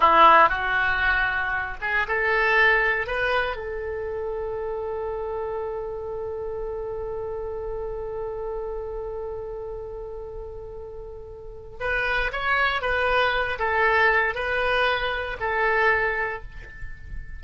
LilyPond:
\new Staff \with { instrumentName = "oboe" } { \time 4/4 \tempo 4 = 117 e'4 fis'2~ fis'8 gis'8 | a'2 b'4 a'4~ | a'1~ | a'1~ |
a'1~ | a'2. b'4 | cis''4 b'4. a'4. | b'2 a'2 | }